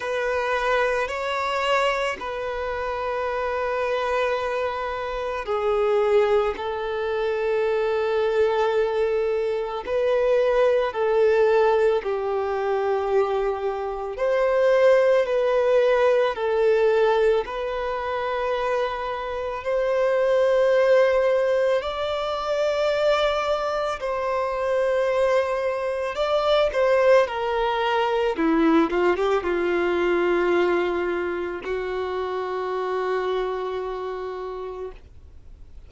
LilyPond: \new Staff \with { instrumentName = "violin" } { \time 4/4 \tempo 4 = 55 b'4 cis''4 b'2~ | b'4 gis'4 a'2~ | a'4 b'4 a'4 g'4~ | g'4 c''4 b'4 a'4 |
b'2 c''2 | d''2 c''2 | d''8 c''8 ais'4 e'8 f'16 g'16 f'4~ | f'4 fis'2. | }